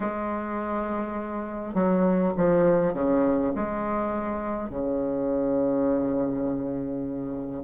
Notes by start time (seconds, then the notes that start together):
0.00 G#3
1.74 F#3
2.36 F3
2.94 C#3
3.55 G#3
4.69 C#3